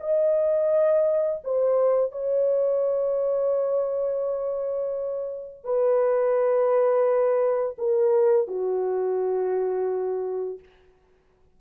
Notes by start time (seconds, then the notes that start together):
0.00 D#5
1.44 C5
2.12 C#5
5.64 B4
7.78 A#4
8.47 F#4